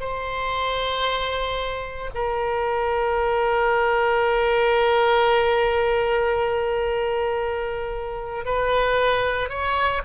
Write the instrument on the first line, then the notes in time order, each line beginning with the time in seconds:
oboe
0.00 C5
2.14 A#4
8.45 B4
9.49 C#5